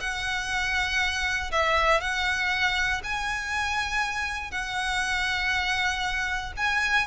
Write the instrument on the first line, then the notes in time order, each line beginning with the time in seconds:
violin
0.00 F#5
1.52 E5
2.01 F#5
3.03 G#5
4.51 F#5
6.57 G#5